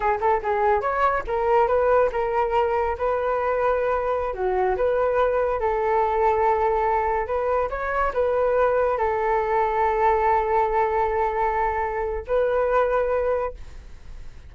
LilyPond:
\new Staff \with { instrumentName = "flute" } { \time 4/4 \tempo 4 = 142 gis'8 a'8 gis'4 cis''4 ais'4 | b'4 ais'2 b'4~ | b'2~ b'16 fis'4 b'8.~ | b'4~ b'16 a'2~ a'8.~ |
a'4~ a'16 b'4 cis''4 b'8.~ | b'4~ b'16 a'2~ a'8.~ | a'1~ | a'4 b'2. | }